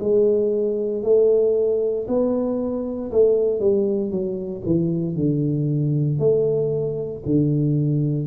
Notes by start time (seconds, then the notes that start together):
0.00 G#3
1.03 A3
2.08 B3
3.12 A3
3.61 G3
4.11 F#3
4.66 E3
5.16 D3
6.20 A3
7.26 D3